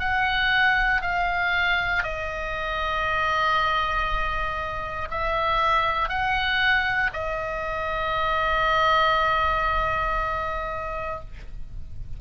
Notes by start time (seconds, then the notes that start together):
0.00 F#5
1.02 F5
2.03 D#5
5.11 E5
6.09 F#5
7.13 D#5